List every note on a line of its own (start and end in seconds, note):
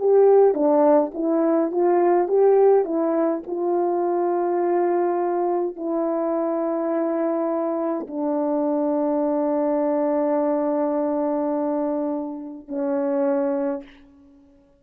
0.00 0.55 G4
0.55 1.12 D4
1.14 1.72 E4
1.72 2.28 F4
2.28 2.85 G4
2.85 3.42 E4
3.47 5.76 F4
5.76 8.07 E4
8.08 12.68 D4
12.68 13.84 C#4